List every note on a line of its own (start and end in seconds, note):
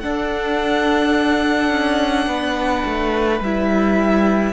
0.00 3.42 D4
0.00 1.70 D4
0.00 2.28 A4
0.00 3.40 F#5
1.70 2.27 C#4
2.27 2.83 B3
2.27 4.53 B4
2.86 3.40 A3
3.40 4.53 G3
3.40 4.53 E4
3.40 4.53 E5